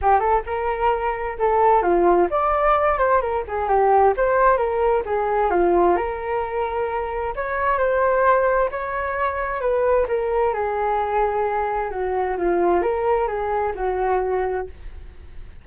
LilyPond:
\new Staff \with { instrumentName = "flute" } { \time 4/4 \tempo 4 = 131 g'8 a'8 ais'2 a'4 | f'4 d''4. c''8 ais'8 gis'8 | g'4 c''4 ais'4 gis'4 | f'4 ais'2. |
cis''4 c''2 cis''4~ | cis''4 b'4 ais'4 gis'4~ | gis'2 fis'4 f'4 | ais'4 gis'4 fis'2 | }